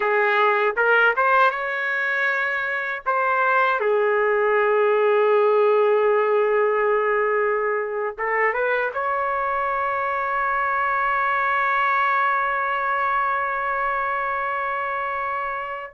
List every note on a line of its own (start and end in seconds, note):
0.00 0.75 G#4
0.76 1.14 A#4
1.16 1.50 C5
1.50 3.02 C#5
3.06 3.80 C5
3.80 8.16 G#4
8.17 8.53 A4
8.53 8.91 B4
8.93 15.94 C#5